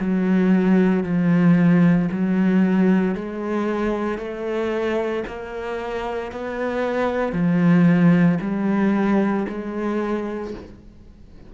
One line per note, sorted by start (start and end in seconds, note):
0.00 1.04 F#3
1.04 2.09 F3
2.11 3.15 F#3
3.15 4.19 G#3
4.19 5.24 A3
5.27 6.32 A#3
6.32 7.33 B3
7.33 8.38 F3
8.42 9.47 G3
9.49 10.54 G#3